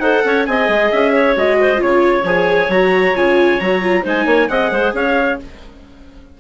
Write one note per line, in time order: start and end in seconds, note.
0.00 0.22 D#4
0.00 0.47 A4
0.00 0.24 C5
0.00 0.45 F#5
0.25 0.47 C#4
0.25 0.49 C#5
0.46 0.69 C4
0.46 1.36 G#4
0.46 1.13 D#5
0.46 0.90 G#5
0.69 0.91 G#3
0.92 1.37 C#4
0.92 1.36 E5
1.13 1.58 C#5
1.36 1.81 G#3
1.36 1.76 F#4
1.36 1.82 D#5
1.61 1.83 C5
1.76 2.24 C#3
1.76 2.21 F4
1.76 2.26 C#5
1.83 4.03 C#5
2.24 2.68 F3
2.24 2.71 G#4
2.24 2.71 G#5
2.69 3.13 F#3
2.69 3.15 F#4
2.69 3.16 A#5
3.15 3.60 C#3
3.15 3.60 F4
3.15 3.60 G#5
3.60 4.05 F#3
3.60 3.82 F#4
3.60 4.04 A#5
3.82 4.03 F4
4.03 4.26 G#3
4.03 4.48 D#4
4.03 4.25 C5
4.03 4.49 G#5
4.26 4.48 A#3
4.26 4.49 C#5
4.49 4.71 C4
4.49 5.39 G#4
4.49 4.72 D#5
4.49 4.94 F#5
4.71 4.94 G#3
4.71 4.94 C5
4.94 5.38 C#4
4.94 5.40 C#5
4.94 5.40 F5